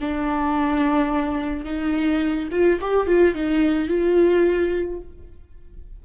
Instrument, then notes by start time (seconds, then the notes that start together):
viola
0.00 D4
1.65 D#4
2.51 F4
2.81 G4
3.07 F4
3.34 D#4
3.88 F4